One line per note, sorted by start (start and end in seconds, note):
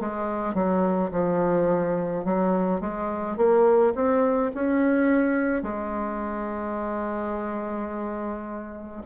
0.00 0.55 G#3
0.55 1.11 F#3
1.12 2.25 F3
2.25 2.81 F#3
2.81 3.37 G#3
3.37 3.94 A#3
3.95 4.52 C4
4.55 5.63 C#4
5.63 9.03 G#3